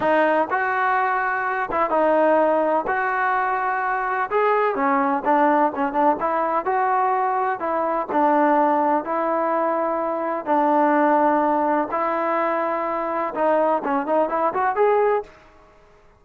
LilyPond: \new Staff \with { instrumentName = "trombone" } { \time 4/4 \tempo 4 = 126 dis'4 fis'2~ fis'8 e'8 | dis'2 fis'2~ | fis'4 gis'4 cis'4 d'4 | cis'8 d'8 e'4 fis'2 |
e'4 d'2 e'4~ | e'2 d'2~ | d'4 e'2. | dis'4 cis'8 dis'8 e'8 fis'8 gis'4 | }